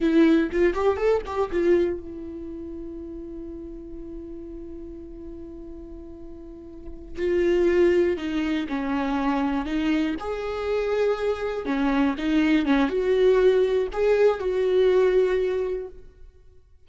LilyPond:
\new Staff \with { instrumentName = "viola" } { \time 4/4 \tempo 4 = 121 e'4 f'8 g'8 a'8 g'8 f'4 | e'1~ | e'1~ | e'2~ e'8 f'4.~ |
f'8 dis'4 cis'2 dis'8~ | dis'8 gis'2. cis'8~ | cis'8 dis'4 cis'8 fis'2 | gis'4 fis'2. | }